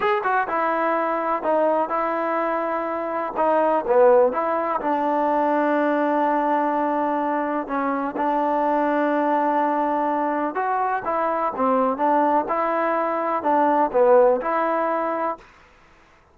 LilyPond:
\new Staff \with { instrumentName = "trombone" } { \time 4/4 \tempo 4 = 125 gis'8 fis'8 e'2 dis'4 | e'2. dis'4 | b4 e'4 d'2~ | d'1 |
cis'4 d'2.~ | d'2 fis'4 e'4 | c'4 d'4 e'2 | d'4 b4 e'2 | }